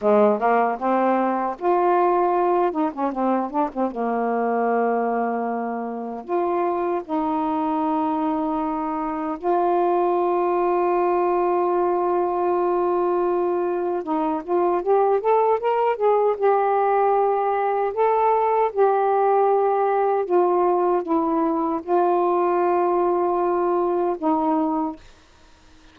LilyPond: \new Staff \with { instrumentName = "saxophone" } { \time 4/4 \tempo 4 = 77 gis8 ais8 c'4 f'4. dis'16 cis'16 | c'8 d'16 c'16 ais2. | f'4 dis'2. | f'1~ |
f'2 dis'8 f'8 g'8 a'8 | ais'8 gis'8 g'2 a'4 | g'2 f'4 e'4 | f'2. dis'4 | }